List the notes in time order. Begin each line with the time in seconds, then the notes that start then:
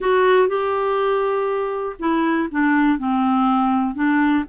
0.00 F#4
0.47 G4
1.99 E4
2.51 D4
2.98 C4
3.94 D4